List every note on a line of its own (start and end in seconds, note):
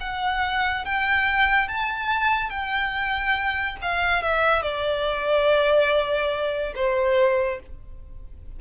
0.00 0.85 F#5
0.85 1.68 G5
1.68 2.50 A5
2.50 3.76 G5
3.81 4.22 F5
4.22 4.62 E5
4.62 6.73 D5
6.75 7.59 C5